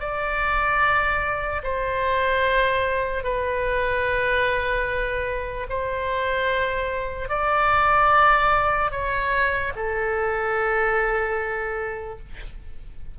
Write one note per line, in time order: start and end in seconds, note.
0.00 1.62 D5
1.63 3.24 C5
3.24 5.67 B4
5.69 7.29 C5
7.29 8.91 D5
8.91 9.72 C#5
9.76 12.19 A4